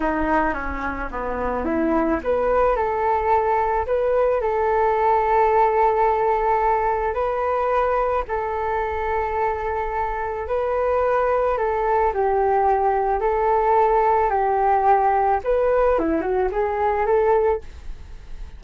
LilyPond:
\new Staff \with { instrumentName = "flute" } { \time 4/4 \tempo 4 = 109 dis'4 cis'4 b4 e'4 | b'4 a'2 b'4 | a'1~ | a'4 b'2 a'4~ |
a'2. b'4~ | b'4 a'4 g'2 | a'2 g'2 | b'4 e'8 fis'8 gis'4 a'4 | }